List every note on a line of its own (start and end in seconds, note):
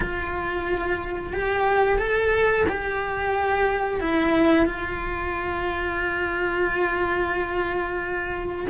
0.00 1.33 F4
1.33 1.98 G4
1.98 2.65 A4
2.68 4.00 G4
4.00 4.66 E4
4.66 8.66 F4